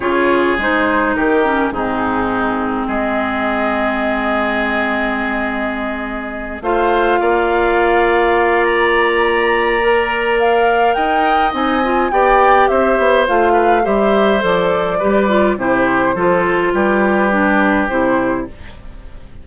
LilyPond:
<<
  \new Staff \with { instrumentName = "flute" } { \time 4/4 \tempo 4 = 104 cis''4 c''4 ais'4 gis'4~ | gis'4 dis''2.~ | dis''2.~ dis''8 f''8~ | f''2. ais''4~ |
ais''2 f''4 g''4 | gis''4 g''4 e''4 f''4 | e''4 d''2 c''4~ | c''4 b'2 c''4 | }
  \new Staff \with { instrumentName = "oboe" } { \time 4/4 gis'2 g'4 dis'4~ | dis'4 gis'2.~ | gis'2.~ gis'8 c''8~ | c''8 d''2.~ d''8~ |
d''2. dis''4~ | dis''4 d''4 c''4. b'8 | c''2 b'4 g'4 | a'4 g'2. | }
  \new Staff \with { instrumentName = "clarinet" } { \time 4/4 f'4 dis'4. cis'8 c'4~ | c'1~ | c'2.~ c'8 f'8~ | f'1~ |
f'4 ais'2. | dis'8 f'8 g'2 f'4 | g'4 a'4 g'8 f'8 e'4 | f'2 d'4 e'4 | }
  \new Staff \with { instrumentName = "bassoon" } { \time 4/4 cis4 gis4 dis4 gis,4~ | gis,4 gis2.~ | gis2.~ gis8 a8~ | a8 ais2.~ ais8~ |
ais2. dis'4 | c'4 b4 c'8 b8 a4 | g4 f4 g4 c4 | f4 g2 c4 | }
>>